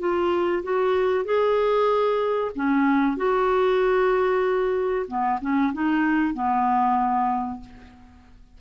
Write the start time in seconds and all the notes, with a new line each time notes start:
0.00 F4
0.64 F#4
1.25 G#4
2.56 C#4
3.17 F#4
5.08 B3
5.42 C#4
5.74 D#4
6.35 B3